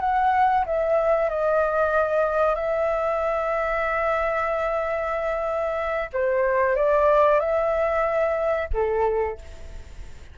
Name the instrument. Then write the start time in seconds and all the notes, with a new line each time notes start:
flute
0.00 F#5
0.65 E5
1.29 D#5
2.55 E5
6.13 C5
6.75 D5
7.39 E5
8.73 A4